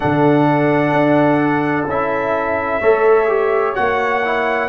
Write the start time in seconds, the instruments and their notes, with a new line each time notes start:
0.00 tuba D3, trombone D4, horn A4, trumpet F#5
0.92 tuba D4
1.86 tuba C#4, trombone E4, trumpet E5
2.80 tuba A3, trombone A4, horn C#5
3.28 trombone G4
3.74 tuba A#3, trombone F#4, trumpet F#5
4.24 trombone E4